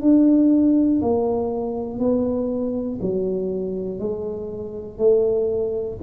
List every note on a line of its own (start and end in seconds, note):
0.00 1.00 D4
1.01 1.99 A#3
1.99 2.99 B3
3.01 3.99 F#3
3.99 4.98 G#3
4.98 5.98 A3